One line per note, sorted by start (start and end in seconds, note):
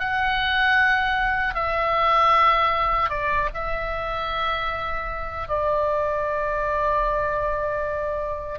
0.00 1.55 F#5
1.55 3.10 E5
3.10 3.49 D5
3.55 5.49 E5
5.49 8.60 D5